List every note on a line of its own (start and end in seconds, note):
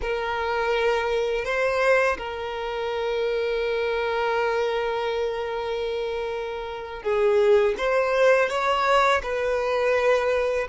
0.01 1.45 A#4
1.45 2.17 C5
2.17 7.02 A#4
7.02 7.74 G#4
7.77 8.49 C5
8.49 9.21 C#5
9.22 10.67 B4